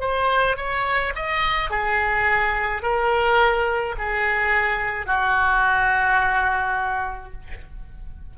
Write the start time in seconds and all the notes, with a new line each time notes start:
0.00 C5
0.57 C#5
1.15 D#5
1.70 G#4
2.82 A#4
3.98 G#4
5.06 F#4